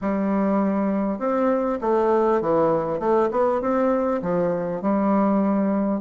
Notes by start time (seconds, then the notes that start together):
0.01 G3
1.18 C4
1.81 A3
2.41 E3
2.99 A3
3.31 B3
3.61 C4
4.22 F3
4.81 G3